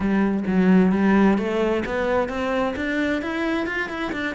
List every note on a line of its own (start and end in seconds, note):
0.00 0.43 G3
0.47 0.92 F#3
0.92 1.37 G3
1.37 1.83 A3
1.85 2.28 B3
2.28 2.74 C4
2.76 3.21 D4
3.22 3.66 E4
3.66 3.89 F4
3.89 4.12 E4
4.12 4.35 D4